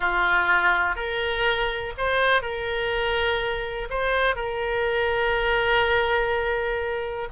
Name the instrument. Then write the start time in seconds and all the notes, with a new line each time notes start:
oboe
0.00 F4
0.95 A#4
1.97 C5
2.42 A#4
3.90 C5
4.35 A#4